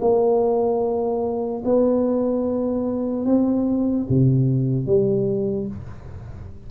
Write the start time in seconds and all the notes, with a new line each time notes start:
0.00 A#3
1.64 B3
3.25 C4
4.09 C3
4.86 G3